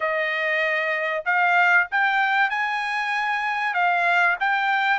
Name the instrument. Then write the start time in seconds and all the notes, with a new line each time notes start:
trumpet
0.00 D#5
1.25 F5
1.91 G5
2.50 G#5
3.74 F5
4.39 G5